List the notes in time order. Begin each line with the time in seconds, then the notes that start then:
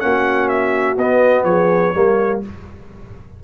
0.00 A#3 C#4 F#4 F#5
0.48 E5
0.97 B3 D#5
1.44 F3 G#4 C#5
1.94 G3 A#3 A#4